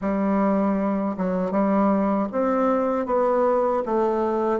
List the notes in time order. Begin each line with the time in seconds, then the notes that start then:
0.01 G3
1.17 F#3
1.51 G3
2.31 C4
3.06 B3
3.85 A3